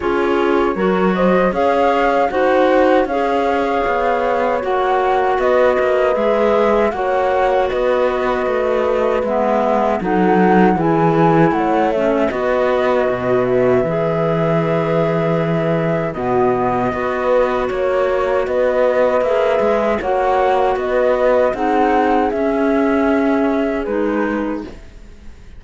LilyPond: <<
  \new Staff \with { instrumentName = "flute" } { \time 4/4 \tempo 4 = 78 cis''4. dis''8 f''4 fis''4 | f''2 fis''4 dis''4 | e''4 fis''4 dis''2 | e''4 fis''4 gis''4 fis''8 e''8 |
dis''4. e''2~ e''8~ | e''4 dis''2 cis''4 | dis''4 e''4 fis''4 dis''4 | fis''4 e''2 b'4 | }
  \new Staff \with { instrumentName = "horn" } { \time 4/4 gis'4 ais'8 c''8 cis''4 c''4 | cis''2. b'4~ | b'4 cis''4 b'2~ | b'4 a'4 gis'4 cis''4 |
b'1~ | b'4 fis'4 b'4 cis''4 | b'2 cis''4 b'4 | gis'1 | }
  \new Staff \with { instrumentName = "clarinet" } { \time 4/4 f'4 fis'4 gis'4 fis'4 | gis'2 fis'2 | gis'4 fis'2. | b4 dis'4 e'4. cis'8 |
fis'2 gis'2~ | gis'4 b4 fis'2~ | fis'4 gis'4 fis'2 | dis'4 cis'2 dis'4 | }
  \new Staff \with { instrumentName = "cello" } { \time 4/4 cis'4 fis4 cis'4 dis'4 | cis'4 b4 ais4 b8 ais8 | gis4 ais4 b4 a4 | gis4 fis4 e4 a4 |
b4 b,4 e2~ | e4 b,4 b4 ais4 | b4 ais8 gis8 ais4 b4 | c'4 cis'2 gis4 | }
>>